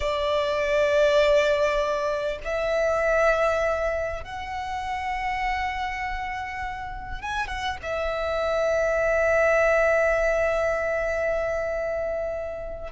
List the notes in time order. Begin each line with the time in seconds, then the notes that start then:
0.00 D5
2.44 E5
4.23 F#5
7.21 G#5
7.47 F#5
7.82 E5